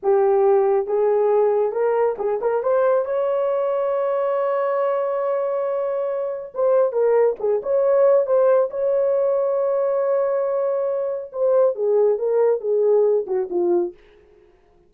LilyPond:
\new Staff \with { instrumentName = "horn" } { \time 4/4 \tempo 4 = 138 g'2 gis'2 | ais'4 gis'8 ais'8 c''4 cis''4~ | cis''1~ | cis''2. c''4 |
ais'4 gis'8 cis''4. c''4 | cis''1~ | cis''2 c''4 gis'4 | ais'4 gis'4. fis'8 f'4 | }